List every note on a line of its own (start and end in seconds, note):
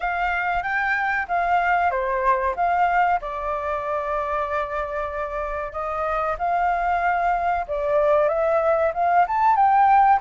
0.00 0.62 F5
0.62 1.26 G5
1.28 1.91 F5
1.91 2.54 C5
2.56 3.19 F5
3.21 5.72 D5
5.72 6.36 D#5
6.38 7.66 F5
7.67 8.28 D5
8.28 8.92 E5
8.94 9.26 F5
9.27 9.55 A5
9.55 10.19 G5